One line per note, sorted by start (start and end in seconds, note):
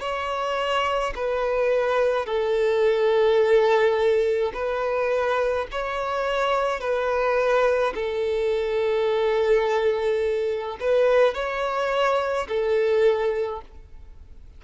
0.00 1.13 C#5
1.15 2.26 B4
2.26 4.52 A4
4.54 5.67 B4
5.71 6.80 C#5
6.80 7.93 B4
7.95 10.78 A4
10.80 11.34 B4
11.34 12.47 C#5
12.48 13.62 A4